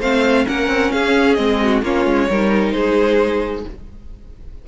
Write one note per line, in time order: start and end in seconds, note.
0.00 0.46 A3
0.00 0.48 C4
0.00 0.45 C5
0.00 0.47 F5
0.48 0.68 A#3
0.48 1.38 C#4
0.48 0.93 A#4
0.48 0.92 F#5
0.68 0.90 C4
0.92 1.38 C#4
0.92 1.62 G#4
0.92 1.34 F5
1.34 1.82 G#3
1.34 1.83 C4
1.34 1.80 D#5
1.63 1.84 F#4
1.82 2.05 A#3
1.82 2.29 C#4
1.82 2.29 F4
1.82 2.71 C#5
2.05 2.28 G#3
2.30 2.74 G3
2.30 3.68 D#4
2.30 2.75 A#4
2.71 3.65 G#3
2.71 3.66 G#4
2.71 3.62 C5